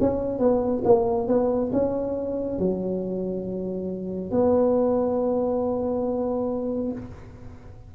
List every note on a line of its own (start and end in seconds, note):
0.00 0.39 C#4
0.39 0.82 B3
0.84 1.28 A#3
1.28 1.71 B3
1.72 2.59 C#4
2.59 4.31 F#3
4.31 6.92 B3